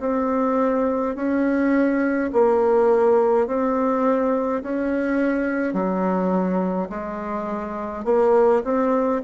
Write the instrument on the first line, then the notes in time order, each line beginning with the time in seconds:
bassoon
0.00 C4
1.15 C#4
2.32 A#3
3.47 C4
4.63 C#4
5.73 F#3
6.89 G#3
8.05 A#3
8.64 C4